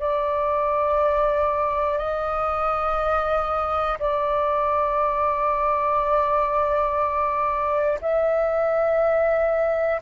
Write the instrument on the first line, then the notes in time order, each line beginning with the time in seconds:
flute
0.00 D5
1.99 D#5
4.00 D5
8.01 E5